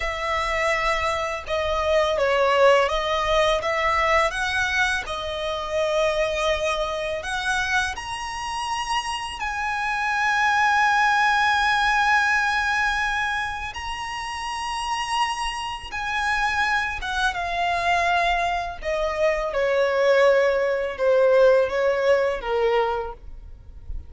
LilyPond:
\new Staff \with { instrumentName = "violin" } { \time 4/4 \tempo 4 = 83 e''2 dis''4 cis''4 | dis''4 e''4 fis''4 dis''4~ | dis''2 fis''4 ais''4~ | ais''4 gis''2.~ |
gis''2. ais''4~ | ais''2 gis''4. fis''8 | f''2 dis''4 cis''4~ | cis''4 c''4 cis''4 ais'4 | }